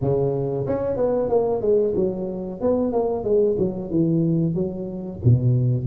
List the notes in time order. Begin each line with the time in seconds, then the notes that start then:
0.01 C#3
0.67 C#4
0.96 B3
1.29 A#3
1.61 G#3
1.95 F#3
2.61 B3
2.92 A#3
3.23 G#3
3.58 F#3
3.90 E3
4.54 F#3
5.24 B2